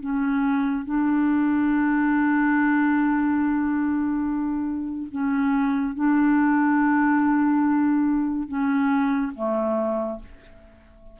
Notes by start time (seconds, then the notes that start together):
0.00 C#4
0.85 D4
5.11 C#4
5.95 D4
8.47 C#4
9.35 A3